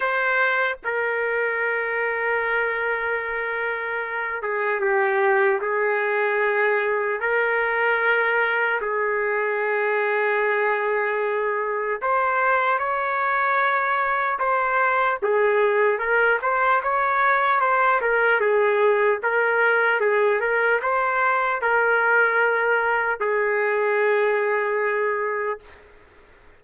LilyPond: \new Staff \with { instrumentName = "trumpet" } { \time 4/4 \tempo 4 = 75 c''4 ais'2.~ | ais'4. gis'8 g'4 gis'4~ | gis'4 ais'2 gis'4~ | gis'2. c''4 |
cis''2 c''4 gis'4 | ais'8 c''8 cis''4 c''8 ais'8 gis'4 | ais'4 gis'8 ais'8 c''4 ais'4~ | ais'4 gis'2. | }